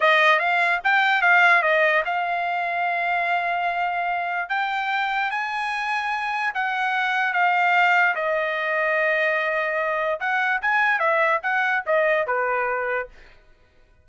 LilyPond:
\new Staff \with { instrumentName = "trumpet" } { \time 4/4 \tempo 4 = 147 dis''4 f''4 g''4 f''4 | dis''4 f''2.~ | f''2. g''4~ | g''4 gis''2. |
fis''2 f''2 | dis''1~ | dis''4 fis''4 gis''4 e''4 | fis''4 dis''4 b'2 | }